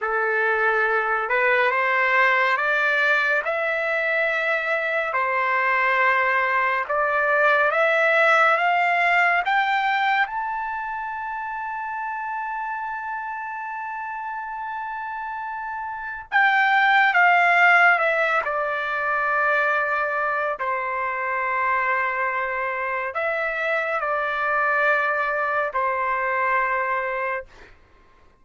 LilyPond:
\new Staff \with { instrumentName = "trumpet" } { \time 4/4 \tempo 4 = 70 a'4. b'8 c''4 d''4 | e''2 c''2 | d''4 e''4 f''4 g''4 | a''1~ |
a''2. g''4 | f''4 e''8 d''2~ d''8 | c''2. e''4 | d''2 c''2 | }